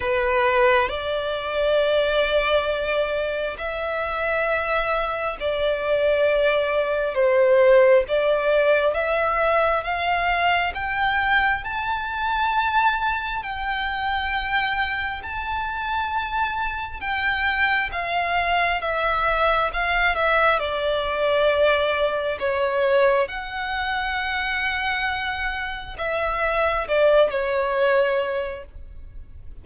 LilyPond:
\new Staff \with { instrumentName = "violin" } { \time 4/4 \tempo 4 = 67 b'4 d''2. | e''2 d''2 | c''4 d''4 e''4 f''4 | g''4 a''2 g''4~ |
g''4 a''2 g''4 | f''4 e''4 f''8 e''8 d''4~ | d''4 cis''4 fis''2~ | fis''4 e''4 d''8 cis''4. | }